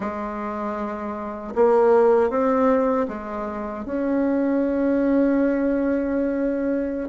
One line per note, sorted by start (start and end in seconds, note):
0.00 1.54 G#3
1.55 2.29 A#3
2.29 3.06 C4
3.08 3.85 G#3
3.85 7.08 C#4